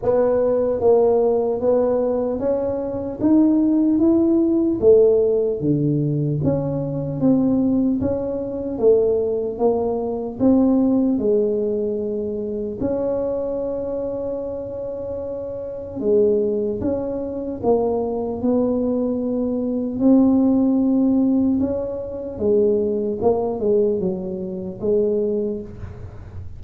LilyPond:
\new Staff \with { instrumentName = "tuba" } { \time 4/4 \tempo 4 = 75 b4 ais4 b4 cis'4 | dis'4 e'4 a4 d4 | cis'4 c'4 cis'4 a4 | ais4 c'4 gis2 |
cis'1 | gis4 cis'4 ais4 b4~ | b4 c'2 cis'4 | gis4 ais8 gis8 fis4 gis4 | }